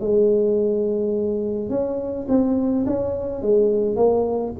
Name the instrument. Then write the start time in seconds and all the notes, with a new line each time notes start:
tuba
0.00 G#3
1.70 C#4
2.29 C4
2.86 C#4
3.42 G#3
3.96 A#3